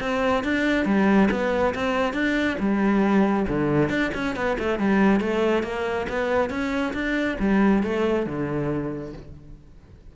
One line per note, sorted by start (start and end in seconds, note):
0.00 0.43 C4
0.43 0.85 D4
0.85 1.29 G3
1.31 1.74 B3
1.75 2.13 C4
2.13 2.57 D4
2.59 3.46 G3
3.48 3.89 D3
3.89 4.11 D4
4.14 4.35 C#4
4.35 4.57 B3
4.58 4.79 A3
4.79 5.20 G3
5.20 5.63 A3
5.63 6.06 A#3
6.09 6.49 B3
6.49 6.93 C#4
6.93 7.37 D4
7.39 7.83 G3
7.83 8.26 A3
8.26 9.13 D3